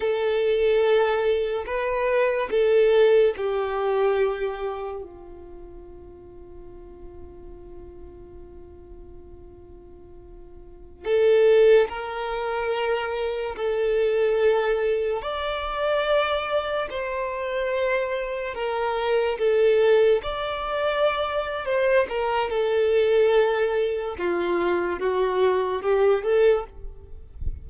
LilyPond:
\new Staff \with { instrumentName = "violin" } { \time 4/4 \tempo 4 = 72 a'2 b'4 a'4 | g'2 f'2~ | f'1~ | f'4~ f'16 a'4 ais'4.~ ais'16~ |
ais'16 a'2 d''4.~ d''16~ | d''16 c''2 ais'4 a'8.~ | a'16 d''4.~ d''16 c''8 ais'8 a'4~ | a'4 f'4 fis'4 g'8 a'8 | }